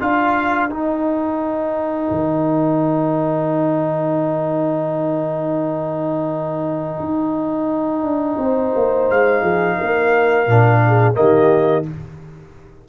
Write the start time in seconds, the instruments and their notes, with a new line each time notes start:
0.00 tuba D4, trombone F4, horn A#4, trumpet F5
0.70 tuba D#4, trombone D#4, trumpet G5
2.11 tuba D#3
7.00 tuba D#4
8.02 tuba D4
8.38 tuba C4, horn C5
8.76 tuba A#3
9.10 tuba G#3, trumpet F5
9.42 tuba F3, horn G#4
9.78 tuba A#3, horn A#4
10.47 tuba A#2, trombone D4
10.87 horn G#4
11.14 tuba D#3, trombone A#3, horn G4, trumpet D#5